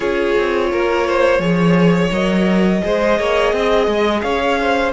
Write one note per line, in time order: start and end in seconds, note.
0.00 0.35 C#4
0.00 1.39 F4
0.00 0.67 G#4
0.00 2.11 C#5
0.37 0.73 C4
0.71 1.38 A#3
0.71 1.07 A#4
1.07 1.41 C5
1.38 2.09 F3
1.38 2.10 G#4
1.38 2.82 C#5
2.11 2.82 F#3
2.11 2.81 A#4
2.11 4.20 D#5
2.81 3.19 G#3
2.81 4.92 G#4
2.81 3.19 C5
3.19 3.52 A#3
3.19 3.54 C#5
3.52 3.87 C4
3.52 4.23 D#5
3.87 4.22 G#3
4.20 4.92 C#4
4.20 4.58 C#5
4.20 4.91 F5
4.60 4.92 C5